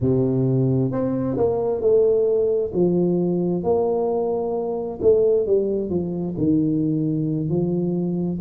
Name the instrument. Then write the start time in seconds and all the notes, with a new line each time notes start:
tuba
0.00 C3
0.91 C4
1.37 A#3
1.80 A3
2.73 F3
3.63 A#3
5.01 A3
5.46 G3
5.89 F3
6.37 D#3
7.49 F3